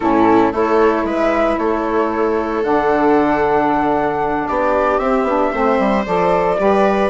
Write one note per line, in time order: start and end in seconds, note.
0.00 0.52 A2
0.00 0.52 C#4
0.00 0.54 E4
0.00 0.53 A4
0.52 1.04 A3
0.52 2.62 E4
0.52 1.05 A4
0.52 1.07 C#5
1.04 1.56 G#3
1.04 1.58 B4
1.04 1.58 E5
1.57 2.63 A3
1.57 4.48 A4
1.57 2.63 C#5
2.63 4.47 D3
2.63 5.00 D4
2.63 4.47 F#5
4.48 4.98 B3
4.48 5.52 G4
4.48 4.98 D5
4.98 5.23 C4
4.98 5.27 C4
4.98 6.04 E5
5.23 5.49 B3
5.23 5.52 D4
5.52 5.78 A3
5.52 6.05 C4
5.52 6.57 C5
5.78 6.05 G3
6.05 6.59 F3
6.05 6.57 A4
6.05 7.10 D5
6.57 7.10 G3
6.57 7.10 G4
6.57 7.10 B4